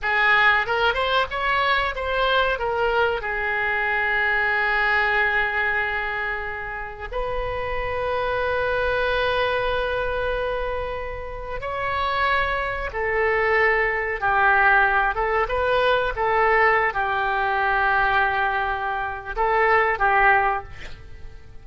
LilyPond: \new Staff \with { instrumentName = "oboe" } { \time 4/4 \tempo 4 = 93 gis'4 ais'8 c''8 cis''4 c''4 | ais'4 gis'2.~ | gis'2. b'4~ | b'1~ |
b'2 cis''2 | a'2 g'4. a'8 | b'4 a'4~ a'16 g'4.~ g'16~ | g'2 a'4 g'4 | }